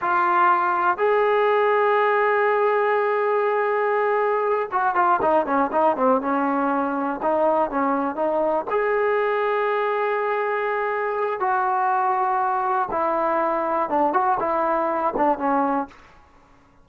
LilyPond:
\new Staff \with { instrumentName = "trombone" } { \time 4/4 \tempo 4 = 121 f'2 gis'2~ | gis'1~ | gis'4. fis'8 f'8 dis'8 cis'8 dis'8 | c'8 cis'2 dis'4 cis'8~ |
cis'8 dis'4 gis'2~ gis'8~ | gis'2. fis'4~ | fis'2 e'2 | d'8 fis'8 e'4. d'8 cis'4 | }